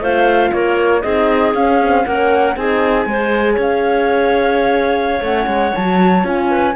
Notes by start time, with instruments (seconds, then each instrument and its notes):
0.00 cello A3, horn F4, clarinet C5, flute F5
0.52 cello A#3, clarinet A#4, flute C#5
1.02 cello C4, horn D#4, clarinet G#4, flute D#5
1.54 cello C#4, horn C#4, flute F5
1.82 horn C4
2.05 cello A#3, horn C#4, clarinet A#4, flute F#5
2.56 cello C4, horn D#4, clarinet G#4, flute G#5
3.06 cello G#3, horn G#4, clarinet C5
3.54 cello C#4, clarinet C#5
3.61 flute F5
5.21 cello A3, horn C#4, flute F#5
5.47 cello G#3
5.75 cello F#3, horn F#4, flute A5
6.23 cello C#4, horn F4, flute G#5
6.50 clarinet B4